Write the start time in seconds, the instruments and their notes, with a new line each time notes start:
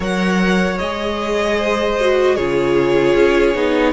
0.00 cello F#3, viola A#4, violin C#5 F#5
0.78 cello G#3, viola G#4, violin D#5
1.58 violin C5
2.00 viola F#4
2.35 cello C#3, viola F4, violin G#4 C#5
3.14 cello C#4
3.54 cello B3, viola D#4